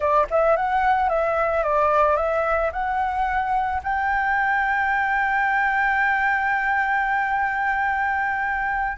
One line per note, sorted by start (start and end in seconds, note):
0.00 0.26 D5
0.30 0.56 E5
0.56 1.09 F#5
1.09 1.63 E5
1.63 2.16 D5
2.16 2.70 E5
2.72 3.81 F#5
3.83 8.97 G5